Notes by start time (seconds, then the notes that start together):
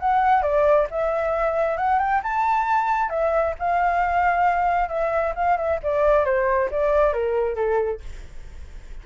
0.00 F#5
0.43 D5
0.91 E5
1.77 F#5
1.99 G5
2.23 A5
3.10 E5
3.59 F5
4.89 E5
5.36 F5
5.57 E5
5.83 D5
6.25 C5
6.71 D5
7.13 A#4
7.55 A4